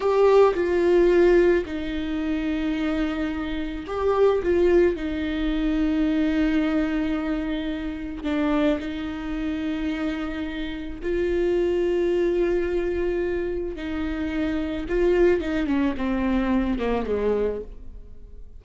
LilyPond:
\new Staff \with { instrumentName = "viola" } { \time 4/4 \tempo 4 = 109 g'4 f'2 dis'4~ | dis'2. g'4 | f'4 dis'2.~ | dis'2. d'4 |
dis'1 | f'1~ | f'4 dis'2 f'4 | dis'8 cis'8 c'4. ais8 gis4 | }